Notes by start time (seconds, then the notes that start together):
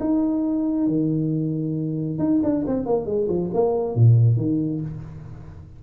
0.00 D#4
0.87 D#3
2.19 D#4
2.43 D4
2.67 C4
2.86 A#3
3.06 G#3
3.28 F3
3.54 A#3
3.95 A#2
4.37 D#3